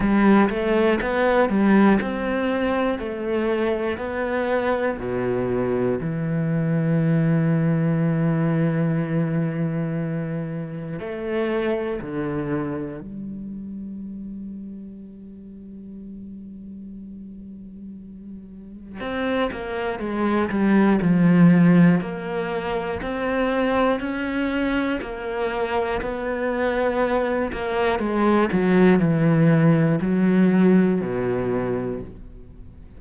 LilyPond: \new Staff \with { instrumentName = "cello" } { \time 4/4 \tempo 4 = 60 g8 a8 b8 g8 c'4 a4 | b4 b,4 e2~ | e2. a4 | d4 g2.~ |
g2. c'8 ais8 | gis8 g8 f4 ais4 c'4 | cis'4 ais4 b4. ais8 | gis8 fis8 e4 fis4 b,4 | }